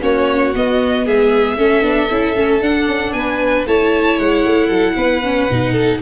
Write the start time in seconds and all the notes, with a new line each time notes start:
0.00 A#3 C#4 F#4 C#5
0.55 B3 D#5
1.05 G#3 G#4 E5
1.57 A3 C#4 A4
1.81 B3 D4
2.10 C#4 E4
2.35 A3 C#4
2.61 D4 F#5
2.87 C#4
3.12 B3 B4 G#5
3.66 A3 E4 C#5 A5
4.18 G#3 F#5
4.45 A3
4.67 F#3 A4
4.96 B3 B4
5.23 C#4
5.49 B2 D#4
5.72 A4